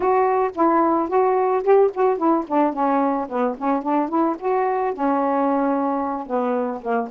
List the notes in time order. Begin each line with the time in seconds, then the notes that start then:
0.00 F#4
0.55 E4
1.08 F#4
1.63 G4
1.93 F#4
2.17 E4
2.47 D4
2.73 C#4
3.29 B3
3.58 C#4
3.82 D4
4.08 E4
4.39 F#4
4.93 C#4
6.26 B3
6.81 A#3